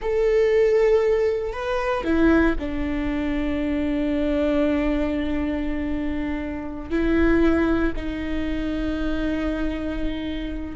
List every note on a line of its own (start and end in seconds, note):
0.01 1.52 A4
1.52 2.04 B4
2.04 2.55 E4
2.59 6.90 D4
6.90 7.92 E4
7.96 10.76 D#4